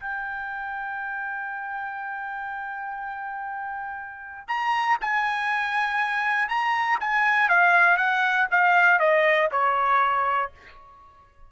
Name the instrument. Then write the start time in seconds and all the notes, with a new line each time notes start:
trumpet
0.00 G5
4.48 A#5
5.01 G#5
6.49 A#5
7.01 G#5
7.50 F5
7.97 F#5
8.51 F5
9.00 D#5
9.52 C#5